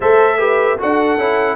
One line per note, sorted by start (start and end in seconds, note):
0.00 0.78 A3
0.00 0.38 A4
0.00 0.37 C5
0.00 0.79 E5
0.38 0.77 G4
0.38 0.77 B4
0.78 1.17 D4
0.78 1.18 F#4
0.78 1.56 A4
0.78 1.56 F#5
1.17 1.56 C#4
1.17 1.56 E4